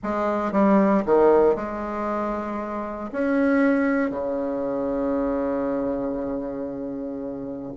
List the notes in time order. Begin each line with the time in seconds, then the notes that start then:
0.03 G#3
0.52 G3
1.05 D#3
1.55 G#3
3.12 C#4
4.10 C#3